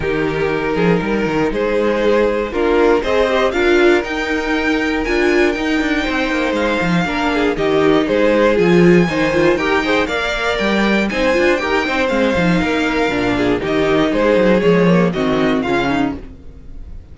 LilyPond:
<<
  \new Staff \with { instrumentName = "violin" } { \time 4/4 \tempo 4 = 119 ais'2. c''4~ | c''4 ais'4 dis''4 f''4 | g''2 gis''4 g''4~ | g''4 f''2 dis''4 |
c''4 gis''2 g''4 | f''4 g''4 gis''4 g''4 | f''2. dis''4 | c''4 cis''4 dis''4 f''4 | }
  \new Staff \with { instrumentName = "violin" } { \time 4/4 g'4. gis'8 ais'4 gis'4~ | gis'4 f'4 c''4 ais'4~ | ais'1 | c''2 ais'8 gis'8 g'4 |
gis'2 c''4 ais'8 c''8 | d''2 c''4 ais'8 c''8~ | c''4 ais'4. gis'8 g'4 | gis'2 fis'4 f'8 dis'8 | }
  \new Staff \with { instrumentName = "viola" } { \time 4/4 dis'1~ | dis'4 d'4 gis'8 g'8 f'4 | dis'2 f'4 dis'4~ | dis'2 d'4 dis'4~ |
dis'4 f'4 dis'8 f'8 g'8 gis'8 | ais'2 dis'8 f'8 g'8 dis'8 | c'8 dis'4. d'4 dis'4~ | dis'4 gis8 ais8 c'4 cis'4 | }
  \new Staff \with { instrumentName = "cello" } { \time 4/4 dis4. f8 g8 dis8 gis4~ | gis4 ais4 c'4 d'4 | dis'2 d'4 dis'8 d'8 | c'8 ais8 gis8 f8 ais4 dis4 |
gis4 f4 dis4 dis'4 | ais4 g4 c'8 d'8 dis'8 c'8 | gis8 f8 ais4 ais,4 dis4 | gis8 fis8 f4 dis4 cis4 | }
>>